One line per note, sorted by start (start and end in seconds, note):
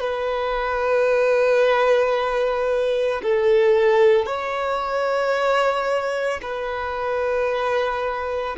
0.00 3.21 B4
3.22 4.26 A4
4.26 6.40 C#5
6.42 8.56 B4